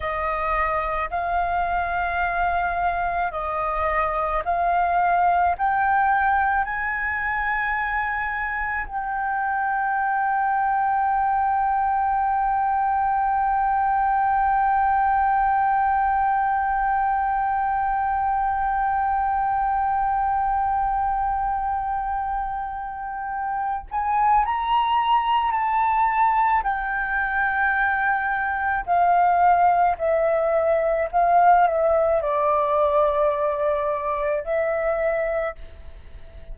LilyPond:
\new Staff \with { instrumentName = "flute" } { \time 4/4 \tempo 4 = 54 dis''4 f''2 dis''4 | f''4 g''4 gis''2 | g''1~ | g''1~ |
g''1~ | g''4. gis''8 ais''4 a''4 | g''2 f''4 e''4 | f''8 e''8 d''2 e''4 | }